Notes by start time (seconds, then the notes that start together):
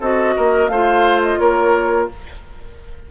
0.00 C4 F#4 A4 D#5
0.36 A#3 A#4
0.69 A3 F4 C5 F5
1.22 D#5
1.39 A#3 A#4 C#5